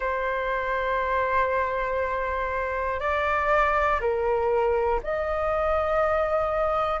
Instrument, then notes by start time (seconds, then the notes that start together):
flute
0.00 C5
3.00 D5
4.00 A#4
5.03 D#5